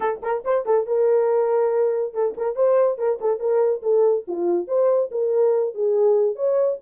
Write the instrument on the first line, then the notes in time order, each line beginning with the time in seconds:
horn
0.00 A4
0.22 A#4
0.44 C5
0.65 A4
0.86 A#4
2.13 A4
2.37 A#4
2.55 C5
2.97 A#4
3.20 A4
3.39 A#4
3.82 A4
4.27 F4
4.67 C5
5.11 A#4
5.74 G#4
6.35 C#5